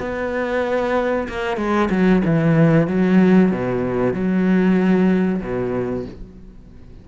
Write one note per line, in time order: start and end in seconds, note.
0.00 1.28 B3
1.29 1.57 A#3
1.57 1.89 G#3
1.90 2.22 F#3
2.25 2.88 E3
2.88 3.51 F#3
3.51 4.13 B2
4.13 5.41 F#3
5.42 6.06 B2